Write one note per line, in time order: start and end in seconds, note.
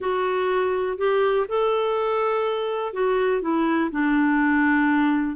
0.00 0.97 F#4
0.97 1.46 G4
1.48 2.93 A4
2.93 3.41 F#4
3.41 3.90 E4
3.91 5.36 D4